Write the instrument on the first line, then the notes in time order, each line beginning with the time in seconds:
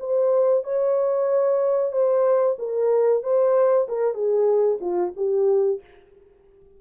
horn
0.00 C5
0.64 C#5
1.92 C5
2.59 A#4
3.23 C5
3.88 A#4
4.14 G#4
4.81 F4
5.16 G4